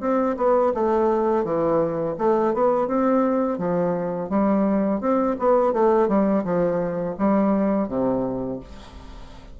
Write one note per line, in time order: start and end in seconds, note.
0.00 0.36 C4
0.37 0.73 B3
0.74 1.44 A3
1.44 2.16 E3
2.18 2.54 A3
2.54 2.87 B3
2.87 3.58 C4
3.58 4.29 F3
4.29 5.00 G3
5.00 5.36 C4
5.39 5.73 B3
5.73 6.08 A3
6.08 6.44 G3
6.44 7.16 F3
7.18 7.88 G3
7.88 8.60 C3